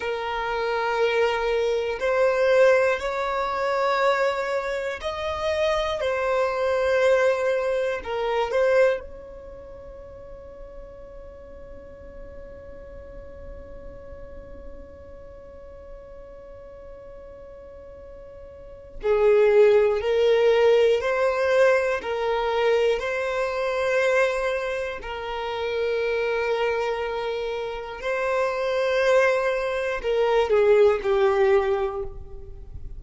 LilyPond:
\new Staff \with { instrumentName = "violin" } { \time 4/4 \tempo 4 = 60 ais'2 c''4 cis''4~ | cis''4 dis''4 c''2 | ais'8 c''8 cis''2.~ | cis''1~ |
cis''2. gis'4 | ais'4 c''4 ais'4 c''4~ | c''4 ais'2. | c''2 ais'8 gis'8 g'4 | }